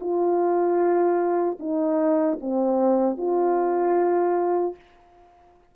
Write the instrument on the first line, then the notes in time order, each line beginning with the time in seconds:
horn
0.00 F4
1.59 D#4
2.40 C4
3.17 F4